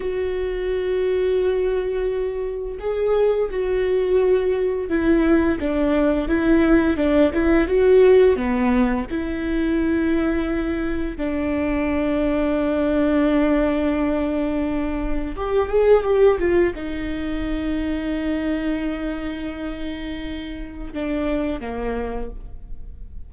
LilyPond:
\new Staff \with { instrumentName = "viola" } { \time 4/4 \tempo 4 = 86 fis'1 | gis'4 fis'2 e'4 | d'4 e'4 d'8 e'8 fis'4 | b4 e'2. |
d'1~ | d'2 g'8 gis'8 g'8 f'8 | dis'1~ | dis'2 d'4 ais4 | }